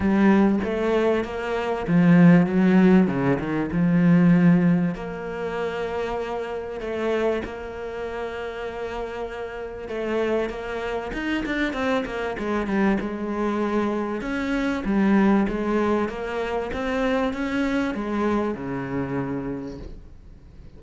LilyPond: \new Staff \with { instrumentName = "cello" } { \time 4/4 \tempo 4 = 97 g4 a4 ais4 f4 | fis4 cis8 dis8 f2 | ais2. a4 | ais1 |
a4 ais4 dis'8 d'8 c'8 ais8 | gis8 g8 gis2 cis'4 | g4 gis4 ais4 c'4 | cis'4 gis4 cis2 | }